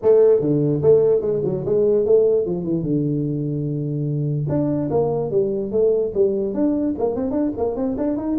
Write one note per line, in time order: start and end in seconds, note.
0.02 0.40 A3
0.40 0.81 D3
0.82 1.21 A3
1.21 1.41 G#3
1.44 1.65 F#3
1.65 2.05 G#3
2.05 2.45 A3
2.45 2.63 F3
2.63 2.82 E3
2.82 4.46 D3
4.48 4.89 D4
4.90 5.30 A#3
5.30 5.71 G3
5.71 6.12 A3
6.14 6.54 G3
6.54 6.94 D4
6.98 7.15 A#3
7.15 7.31 C4
7.31 7.51 D4
7.57 7.76 A#3
7.76 7.96 C4
7.97 8.17 D4
8.17 8.37 D#4